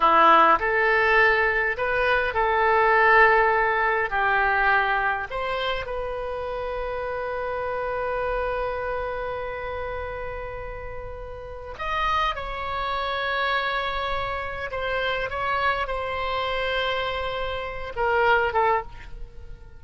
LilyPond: \new Staff \with { instrumentName = "oboe" } { \time 4/4 \tempo 4 = 102 e'4 a'2 b'4 | a'2. g'4~ | g'4 c''4 b'2~ | b'1~ |
b'1 | dis''4 cis''2.~ | cis''4 c''4 cis''4 c''4~ | c''2~ c''8 ais'4 a'8 | }